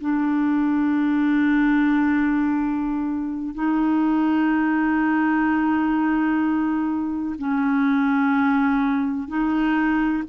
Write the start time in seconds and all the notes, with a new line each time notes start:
0.00 D4
3.54 D#4
7.38 C#4
9.28 D#4